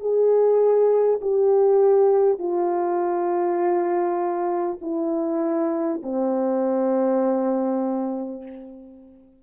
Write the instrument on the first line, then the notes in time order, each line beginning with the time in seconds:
horn
0.00 G#4
1.21 G4
2.38 F4
4.81 E4
6.02 C4